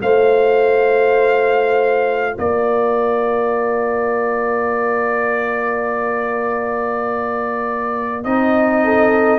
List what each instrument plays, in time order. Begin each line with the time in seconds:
0.00 tuba A3, trombone F4, horn C5, trumpet F5
2.35 tuba A#3, horn A#4, trumpet D5
8.24 tuba C4, trombone D#4, trumpet D#5
8.84 horn A4